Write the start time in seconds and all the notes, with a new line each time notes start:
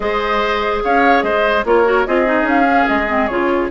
0.00 G#3 G#4 C5 D#5
0.84 C#4 C#5 F5
1.22 G#3 C5 D#5
1.64 A#3 F4 A#4 C#5
1.84 F#4
2.06 C4 F4 G#4 D#5
2.25 D#4
2.42 C#4 F5
2.63 C#4
2.87 G#3 D#5
3.08 C4
3.27 C#3 F4 C#5